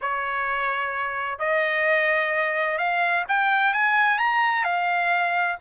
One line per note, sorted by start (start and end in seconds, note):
0.01 1.38 C#5
1.38 2.77 D#5
2.77 3.24 F5
3.28 3.73 G5
3.73 4.18 G#5
4.18 4.64 A#5
4.64 5.57 F5